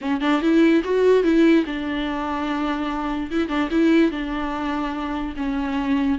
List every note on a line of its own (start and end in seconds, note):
0.01 0.21 C#4
0.21 0.41 D4
0.41 0.82 E4
0.84 1.23 F#4
1.23 1.64 E4
1.66 3.30 D4
3.30 3.48 E4
3.48 3.69 D4
3.70 4.11 E4
4.11 5.34 D4
5.36 6.18 C#4